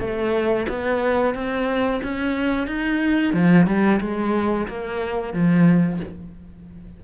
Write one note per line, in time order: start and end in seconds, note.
0.00 0.67 A3
0.69 1.35 B3
1.35 2.01 C4
2.03 2.67 C#4
2.67 3.34 D#4
3.34 3.67 F3
3.67 4.00 G3
4.01 4.68 G#3
4.68 5.33 A#3
5.33 6.00 F3